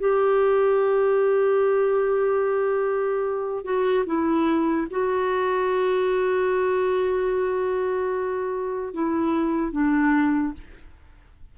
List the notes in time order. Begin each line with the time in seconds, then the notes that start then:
0.00 G4
3.64 F#4
4.07 E4
4.91 F#4
8.94 E4
9.72 D4